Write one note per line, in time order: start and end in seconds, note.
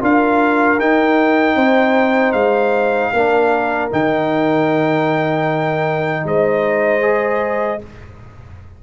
0.00 0.79 D4
0.00 0.78 F4
0.00 1.55 A#4
0.00 0.80 F5
0.79 1.55 D#4
0.79 3.14 D#4
0.79 2.32 G5
1.55 2.33 C4
1.55 3.11 C5
2.32 3.11 G#3
2.32 3.88 F5
3.13 3.91 A#3
3.13 3.90 D4
3.13 6.25 A#4
3.90 6.24 D#3
3.90 7.01 D#4
3.90 6.27 G5
6.24 7.80 G#3
6.24 7.82 C5
6.24 7.83 D#5
7.01 7.79 G#4